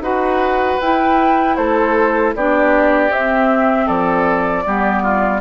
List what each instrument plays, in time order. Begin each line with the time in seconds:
0.00 bassoon D#4, clarinet F#4, oboe B4, flute F#5
0.81 bassoon E4, clarinet E4, flute G5
1.57 bassoon A3, oboe A4, flute C5
2.35 bassoon B3, clarinet D4, oboe G4, flute D5
3.10 bassoon C4, clarinet C4, flute E5
3.87 bassoon F3, oboe A4, flute D5
4.66 bassoon G3, clarinet B3, oboe G4
5.03 oboe F4